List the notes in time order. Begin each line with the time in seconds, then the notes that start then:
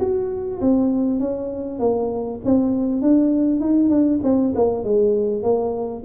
0.00 F#4
0.61 C4
1.20 C#4
1.80 A#3
2.45 C4
3.02 D4
3.61 D#4
3.90 D4
4.24 C4
4.55 A#3
4.84 G#3
5.43 A#3